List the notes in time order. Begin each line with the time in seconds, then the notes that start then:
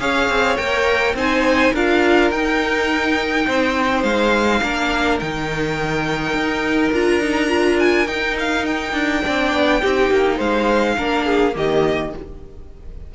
0.00 C#4 G#4 C#5 F5
0.29 C4
0.57 A#3 A#4 G5
1.15 C4 D#4 C5 G#5
1.74 D4 F4 A#4 F5
2.31 D#4 G5
3.47 C4 C5
4.04 G#3 F5
4.63 A#3 D4 A#4
5.20 D#3 D#4 G5
6.34 D#4
6.93 D4 F4 A#5
7.21 D#4
7.48 F4
7.80 G#5
8.08 D#4 G5
8.40 F5
8.66 G5
8.93 D4
9.24 C4 D4 D5
9.54 B3
9.82 C4 D#4 G4
10.11 A#3
10.37 G#3 C5 F5
10.98 A#3 D4 A#4
11.26 G#4
11.53 D#3 A#3 G4 D#5